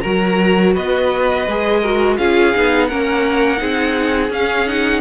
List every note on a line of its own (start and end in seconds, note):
0.00 0.76 F#3
0.00 1.47 F#4
0.00 0.73 A#4
0.00 0.71 A#5
0.73 1.47 B3
0.73 1.80 B4
0.73 2.17 D#5
1.47 2.18 G#3
1.47 1.84 G#4
1.80 2.18 F#4
1.80 2.16 A#4
2.17 2.54 C#4
2.17 2.54 F4
2.17 2.88 G#4
2.17 2.86 F5
2.54 2.92 B3
2.54 2.90 D#4
2.86 3.61 A#3
2.86 3.57 C#4
2.86 3.59 A#4
2.86 4.29 F#5
3.57 4.29 C4
3.57 4.28 D#4
3.57 5.01 G#4
4.29 5.01 C#4
4.29 4.67 C#4
4.29 4.68 F5
4.67 5.01 D#4
4.67 5.01 F#5